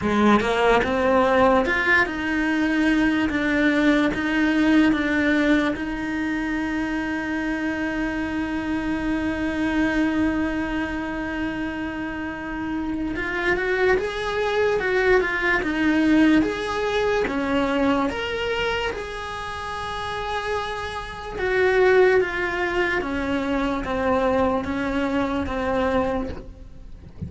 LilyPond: \new Staff \with { instrumentName = "cello" } { \time 4/4 \tempo 4 = 73 gis8 ais8 c'4 f'8 dis'4. | d'4 dis'4 d'4 dis'4~ | dis'1~ | dis'1 |
f'8 fis'8 gis'4 fis'8 f'8 dis'4 | gis'4 cis'4 ais'4 gis'4~ | gis'2 fis'4 f'4 | cis'4 c'4 cis'4 c'4 | }